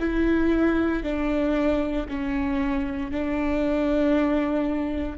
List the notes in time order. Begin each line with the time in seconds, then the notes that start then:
0.00 E4
1.03 D4
2.09 C#4
3.12 D4